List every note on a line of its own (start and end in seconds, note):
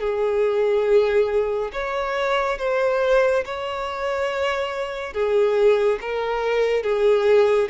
0.00 1.71 G#4
1.73 2.58 C#5
2.58 3.44 C5
3.45 5.13 C#5
5.13 5.99 G#4
6.01 6.83 A#4
6.83 7.69 G#4